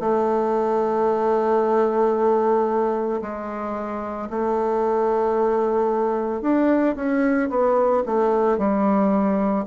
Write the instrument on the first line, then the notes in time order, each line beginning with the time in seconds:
bassoon
0.00 A3
3.22 G#3
4.30 A3
6.42 D4
6.96 C#4
7.50 B3
8.06 A3
8.59 G3